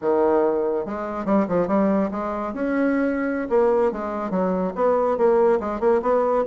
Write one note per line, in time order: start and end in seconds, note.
0.01 0.85 D#3
0.85 1.25 G#3
1.25 1.46 G3
1.48 1.67 F3
1.67 2.09 G3
2.11 2.53 G#3
2.53 3.48 C#4
3.49 3.91 A#3
3.92 4.30 G#3
4.30 4.72 F#3
4.75 5.17 B3
5.17 5.59 A#3
5.60 5.79 G#3
5.79 6.01 A#3
6.02 6.44 B3